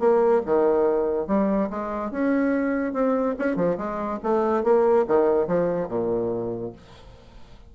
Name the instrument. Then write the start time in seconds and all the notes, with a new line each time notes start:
bassoon
0.00 A#3
0.46 D#3
1.28 G3
1.70 G#3
2.12 C#4
2.94 C4
3.39 C#4
3.57 F3
3.78 G#3
4.23 A3
4.64 A#3
5.08 D#3
5.48 F3
5.89 A#2